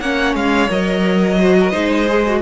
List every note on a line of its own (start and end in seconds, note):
0.00 0.34 A#3
0.00 0.69 C#4
0.00 1.38 C#5
0.00 0.34 F#5
0.34 0.69 G#3
0.34 0.70 F5
0.69 1.74 F#3
0.69 1.38 A#4
0.69 2.42 D#5
1.39 1.72 F#4
1.39 1.56 C5
1.60 1.70 A#4
1.70 2.42 G#3
1.70 2.06 D#4
1.70 2.39 C5
2.06 2.23 G#4
2.27 2.42 F#4